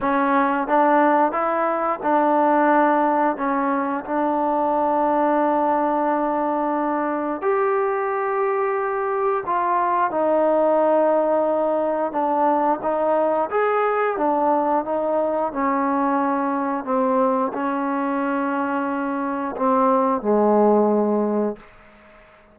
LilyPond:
\new Staff \with { instrumentName = "trombone" } { \time 4/4 \tempo 4 = 89 cis'4 d'4 e'4 d'4~ | d'4 cis'4 d'2~ | d'2. g'4~ | g'2 f'4 dis'4~ |
dis'2 d'4 dis'4 | gis'4 d'4 dis'4 cis'4~ | cis'4 c'4 cis'2~ | cis'4 c'4 gis2 | }